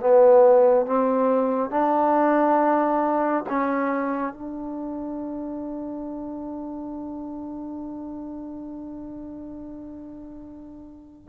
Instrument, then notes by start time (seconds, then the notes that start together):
trombone
0.00 B3
0.86 C4
1.71 D4
3.49 C#4
4.34 D4